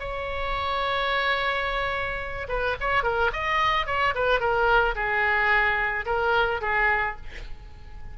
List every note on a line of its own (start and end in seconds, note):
0.00 2.48 C#5
2.49 2.76 B4
2.81 3.04 C#5
3.04 3.31 A#4
3.33 3.87 D#5
3.87 4.14 C#5
4.15 4.40 B4
4.40 4.95 A#4
4.96 6.06 G#4
6.06 6.61 A#4
6.62 7.17 G#4